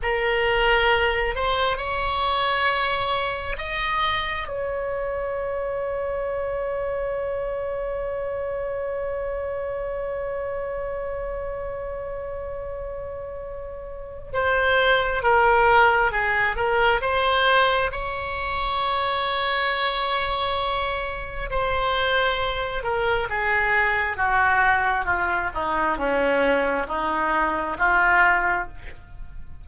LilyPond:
\new Staff \with { instrumentName = "oboe" } { \time 4/4 \tempo 4 = 67 ais'4. c''8 cis''2 | dis''4 cis''2.~ | cis''1~ | cis''1 |
c''4 ais'4 gis'8 ais'8 c''4 | cis''1 | c''4. ais'8 gis'4 fis'4 | f'8 dis'8 cis'4 dis'4 f'4 | }